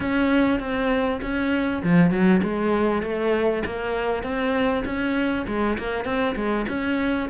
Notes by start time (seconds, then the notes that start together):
0.00 C#4
0.59 C4
1.21 C#4
1.83 F3
2.10 F#3
2.42 G#3
3.02 A3
3.65 A#3
4.23 C4
4.85 C#4
5.47 G#3
5.78 A#3
6.04 C4
6.35 G#3
6.68 C#4